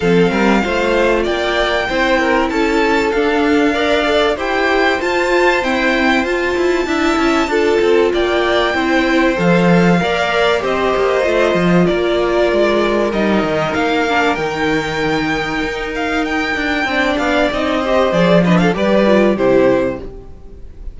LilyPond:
<<
  \new Staff \with { instrumentName = "violin" } { \time 4/4 \tempo 4 = 96 f''2 g''2 | a''4 f''2 g''4 | a''4 g''4 a''2~ | a''4 g''2 f''4~ |
f''4 dis''2 d''4~ | d''4 dis''4 f''4 g''4~ | g''4. f''8 g''4. f''8 | dis''4 d''8 dis''16 f''16 d''4 c''4 | }
  \new Staff \with { instrumentName = "violin" } { \time 4/4 a'8 ais'8 c''4 d''4 c''8 ais'8 | a'2 d''4 c''4~ | c''2. e''4 | a'4 d''4 c''2 |
d''4 c''2 ais'4~ | ais'1~ | ais'2. d''4~ | d''8 c''4 b'16 a'16 b'4 g'4 | }
  \new Staff \with { instrumentName = "viola" } { \time 4/4 c'4 f'2 e'4~ | e'4 d'4 ais'8 a'8 g'4 | f'4 c'4 f'4 e'4 | f'2 e'4 a'4 |
ais'4 g'4 f'2~ | f'4 dis'4. d'8 dis'4~ | dis'2. d'4 | dis'8 g'8 gis'8 d'8 g'8 f'8 e'4 | }
  \new Staff \with { instrumentName = "cello" } { \time 4/4 f8 g8 a4 ais4 c'4 | cis'4 d'2 e'4 | f'4 e'4 f'8 e'8 d'8 cis'8 | d'8 c'8 ais4 c'4 f4 |
ais4 c'8 ais8 a8 f8 ais4 | gis4 g8 dis8 ais4 dis4~ | dis4 dis'4. d'8 c'8 b8 | c'4 f4 g4 c4 | }
>>